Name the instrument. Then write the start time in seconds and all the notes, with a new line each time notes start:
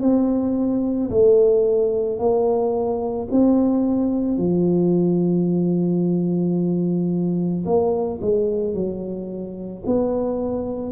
tuba
0.00 C4
1.10 A3
2.18 A#3
3.31 C4
4.37 F3
7.65 A#3
8.21 G#3
8.74 F#3
9.86 B3